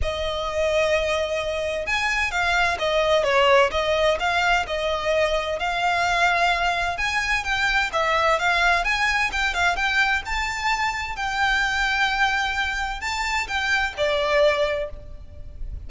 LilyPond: \new Staff \with { instrumentName = "violin" } { \time 4/4 \tempo 4 = 129 dis''1 | gis''4 f''4 dis''4 cis''4 | dis''4 f''4 dis''2 | f''2. gis''4 |
g''4 e''4 f''4 gis''4 | g''8 f''8 g''4 a''2 | g''1 | a''4 g''4 d''2 | }